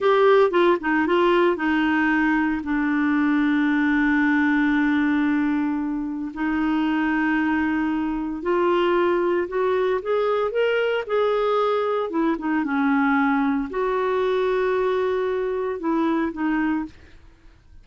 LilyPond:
\new Staff \with { instrumentName = "clarinet" } { \time 4/4 \tempo 4 = 114 g'4 f'8 dis'8 f'4 dis'4~ | dis'4 d'2.~ | d'1 | dis'1 |
f'2 fis'4 gis'4 | ais'4 gis'2 e'8 dis'8 | cis'2 fis'2~ | fis'2 e'4 dis'4 | }